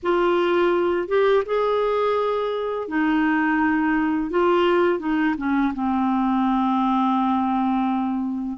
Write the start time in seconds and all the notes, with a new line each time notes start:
0.02 F4
1.07 G4
1.45 G#4
2.88 D#4
4.30 F4
4.99 D#4
5.37 C#4
5.73 C4